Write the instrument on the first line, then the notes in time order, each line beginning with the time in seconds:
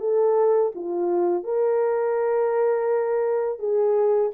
horn
0.00 A4
0.75 F4
1.44 A#4
3.59 G#4